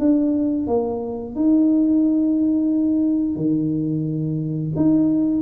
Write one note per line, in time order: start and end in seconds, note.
0.00 0.68 D4
0.68 1.36 A#3
1.36 3.36 D#4
3.36 4.72 D#3
4.76 5.42 D#4